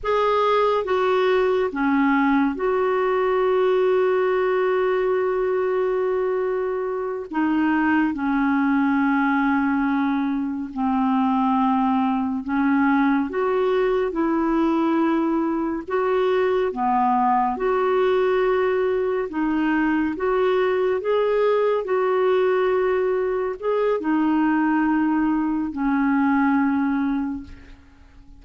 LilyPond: \new Staff \with { instrumentName = "clarinet" } { \time 4/4 \tempo 4 = 70 gis'4 fis'4 cis'4 fis'4~ | fis'1~ | fis'8 dis'4 cis'2~ cis'8~ | cis'8 c'2 cis'4 fis'8~ |
fis'8 e'2 fis'4 b8~ | b8 fis'2 dis'4 fis'8~ | fis'8 gis'4 fis'2 gis'8 | dis'2 cis'2 | }